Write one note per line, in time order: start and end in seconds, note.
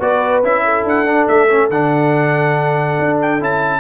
0.00 0.43 B3
0.00 0.43 F#4
0.00 0.64 B4
0.00 0.44 D5
0.43 0.84 C#4
0.43 1.06 E4
0.43 0.87 E5
0.65 3.80 A4
0.84 1.27 D4
0.84 1.28 F#5
1.06 1.49 D4
1.28 1.70 A3
1.28 1.70 E5
1.49 1.70 C#4
1.70 2.97 D3
1.70 3.41 D4
1.70 3.20 F#5
2.99 3.41 D4
3.22 3.43 G5
3.41 3.80 C#4
3.41 3.80 E4
3.41 3.80 A5